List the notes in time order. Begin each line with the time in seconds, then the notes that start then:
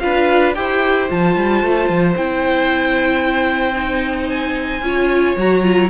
0.00 D4 F4 B4 F5
0.55 E4 G4 C5 G5
1.08 F3 F4 A5
1.36 G3
1.62 A3
1.89 F3
2.16 C4 E4 G5
3.74 D#4
4.29 G#5
4.82 C#4 F4 C#5
5.37 F#3 F#4 A#5
5.63 F4